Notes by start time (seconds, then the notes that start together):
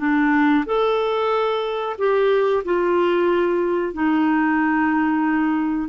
0.00 D4
0.66 A4
1.99 G4
2.65 F4
3.94 D#4